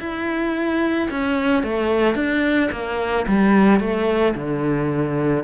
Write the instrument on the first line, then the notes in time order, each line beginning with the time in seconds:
cello
0.00 E4
1.11 C#4
1.64 A3
2.16 D4
2.72 A#3
3.28 G3
3.80 A3
4.35 D3